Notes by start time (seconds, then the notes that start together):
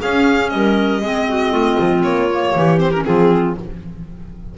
0.00 C#4 G#4 F5
0.50 G3 A#4 D#5
1.01 G#3 C4 G#4
1.29 F#4
1.52 A3 F4
1.80 F3
2.03 A#3 C#5
2.31 A#3
2.55 E3 G4
2.78 C4 C5
2.92 C#4 A#4
3.05 F3 C4 F4 G#4